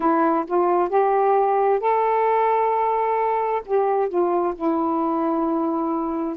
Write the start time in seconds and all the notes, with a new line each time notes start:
0.00 E4
0.47 F4
0.89 G4
1.80 A4
3.65 G4
4.08 F4
4.55 E4